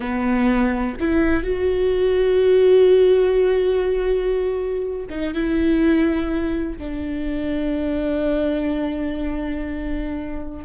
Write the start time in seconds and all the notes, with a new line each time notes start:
0.00 B3
0.99 E4
1.43 F#4
5.09 D#4
5.34 E4
6.78 D4